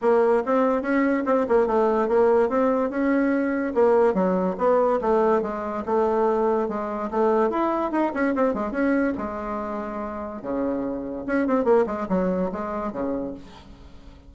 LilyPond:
\new Staff \with { instrumentName = "bassoon" } { \time 4/4 \tempo 4 = 144 ais4 c'4 cis'4 c'8 ais8 | a4 ais4 c'4 cis'4~ | cis'4 ais4 fis4 b4 | a4 gis4 a2 |
gis4 a4 e'4 dis'8 cis'8 | c'8 gis8 cis'4 gis2~ | gis4 cis2 cis'8 c'8 | ais8 gis8 fis4 gis4 cis4 | }